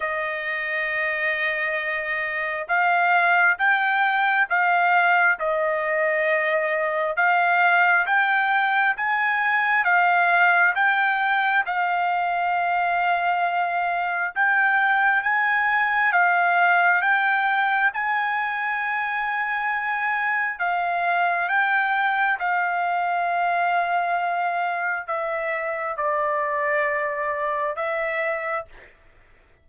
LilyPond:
\new Staff \with { instrumentName = "trumpet" } { \time 4/4 \tempo 4 = 67 dis''2. f''4 | g''4 f''4 dis''2 | f''4 g''4 gis''4 f''4 | g''4 f''2. |
g''4 gis''4 f''4 g''4 | gis''2. f''4 | g''4 f''2. | e''4 d''2 e''4 | }